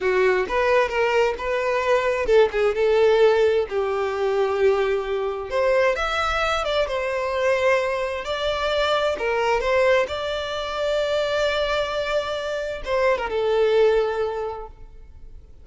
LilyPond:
\new Staff \with { instrumentName = "violin" } { \time 4/4 \tempo 4 = 131 fis'4 b'4 ais'4 b'4~ | b'4 a'8 gis'8 a'2 | g'1 | c''4 e''4. d''8 c''4~ |
c''2 d''2 | ais'4 c''4 d''2~ | d''1 | c''8. ais'16 a'2. | }